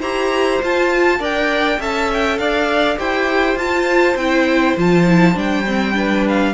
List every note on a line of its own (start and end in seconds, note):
0.00 0.61 E4
0.00 0.62 G4
0.00 1.19 C5
0.00 0.62 A#5
0.62 1.20 F4
0.62 1.24 A5
1.20 1.79 D4
1.20 1.79 A#4
1.20 1.79 D5
1.20 1.82 G5
1.80 2.39 C#4
1.80 2.98 A4
1.80 2.39 E5
1.80 2.12 A5
2.14 2.38 G5
2.38 2.98 D4
2.38 2.99 D5
2.38 2.98 F5
2.98 3.56 E4
2.98 3.57 G4
2.98 5.96 C5
2.98 3.58 G5
3.56 4.15 F4
3.56 4.19 F4
3.56 4.17 A5
4.16 4.76 C4
4.16 4.78 E4
4.16 4.77 G5
4.77 5.36 F3
4.77 5.07 F4
4.77 5.39 A5
5.07 5.35 E4
5.35 6.54 G3
5.35 5.64 D4
5.35 6.28 G5
5.67 5.94 C4
5.94 6.54 D4
5.94 6.54 B4
6.29 6.54 F5